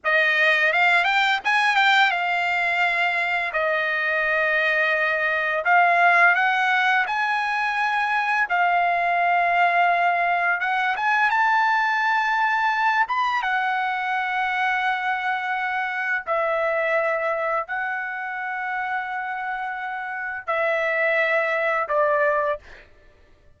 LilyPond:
\new Staff \with { instrumentName = "trumpet" } { \time 4/4 \tempo 4 = 85 dis''4 f''8 g''8 gis''8 g''8 f''4~ | f''4 dis''2. | f''4 fis''4 gis''2 | f''2. fis''8 gis''8 |
a''2~ a''8 b''8 fis''4~ | fis''2. e''4~ | e''4 fis''2.~ | fis''4 e''2 d''4 | }